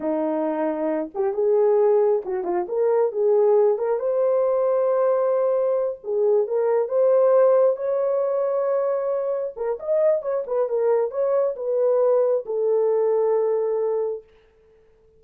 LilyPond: \new Staff \with { instrumentName = "horn" } { \time 4/4 \tempo 4 = 135 dis'2~ dis'8 g'8 gis'4~ | gis'4 fis'8 f'8 ais'4 gis'4~ | gis'8 ais'8 c''2.~ | c''4. gis'4 ais'4 c''8~ |
c''4. cis''2~ cis''8~ | cis''4. ais'8 dis''4 cis''8 b'8 | ais'4 cis''4 b'2 | a'1 | }